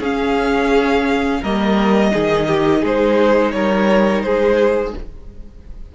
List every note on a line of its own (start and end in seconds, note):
0.00 1.41 C#4
0.00 1.45 C#4
0.00 1.41 G#4
0.00 1.44 F5
1.42 2.14 G3
1.42 2.12 A#3
1.42 2.12 A#4
1.42 2.85 D#5
2.12 2.83 D#3
2.12 4.94 D#4
2.12 2.48 G#4
2.48 2.81 G4
2.81 3.54 G#3
2.81 3.52 G#4
2.81 3.52 C5
3.52 4.24 G3
3.52 4.25 A#4
3.52 4.22 C#5
4.22 4.94 G#3
4.22 4.96 G#4
4.22 4.93 C5